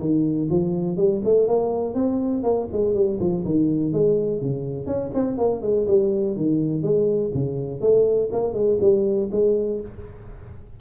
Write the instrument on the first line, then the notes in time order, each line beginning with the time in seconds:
tuba
0.00 D#3
0.50 F3
0.97 G3
1.25 A3
1.48 A#3
1.95 C4
2.43 A#3
2.73 G#3
2.95 G3
3.20 F3
3.45 D#3
3.93 G#3
4.42 C#3
4.86 C#4
5.14 C4
5.38 A#3
5.62 G#3
5.88 G3
6.37 D#3
6.83 G#3
7.34 C#3
7.81 A3
8.32 A#3
8.54 G#3
8.81 G3
9.32 G#3